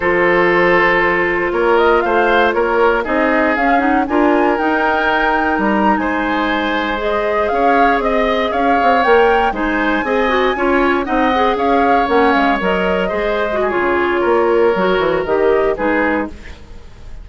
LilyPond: <<
  \new Staff \with { instrumentName = "flute" } { \time 4/4 \tempo 4 = 118 c''2. cis''8 dis''8 | f''4 cis''4 dis''4 f''8 fis''8 | gis''4 g''2 ais''8. gis''16~ | gis''4.~ gis''16 dis''4 f''4 dis''16~ |
dis''8. f''4 g''4 gis''4~ gis''16~ | gis''4.~ gis''16 fis''4 f''4 fis''16~ | fis''16 f''8 dis''2~ dis''16 cis''4~ | cis''2 dis''4 b'4 | }
  \new Staff \with { instrumentName = "oboe" } { \time 4/4 a'2. ais'4 | c''4 ais'4 gis'2 | ais'2.~ ais'8. c''16~ | c''2~ c''8. cis''4 dis''16~ |
dis''8. cis''2 c''4 dis''16~ | dis''8. cis''4 dis''4 cis''4~ cis''16~ | cis''4.~ cis''16 c''4 gis'4~ gis'16 | ais'2. gis'4 | }
  \new Staff \with { instrumentName = "clarinet" } { \time 4/4 f'1~ | f'2 dis'4 cis'8 dis'8 | f'4 dis'2.~ | dis'4.~ dis'16 gis'2~ gis'16~ |
gis'4.~ gis'16 ais'4 dis'4 gis'16~ | gis'16 fis'8 f'4 dis'8 gis'4. cis'16~ | cis'8. ais'4 gis'8. fis'8 f'4~ | f'4 fis'4 g'4 dis'4 | }
  \new Staff \with { instrumentName = "bassoon" } { \time 4/4 f2. ais4 | a4 ais4 c'4 cis'4 | d'4 dis'2 g8. gis16~ | gis2~ gis8. cis'4 c'16~ |
c'8. cis'8 c'8 ais4 gis4 c'16~ | c'8. cis'4 c'4 cis'4 ais16~ | ais16 gis8 fis4 gis4~ gis16 cis4 | ais4 fis8 e8 dis4 gis4 | }
>>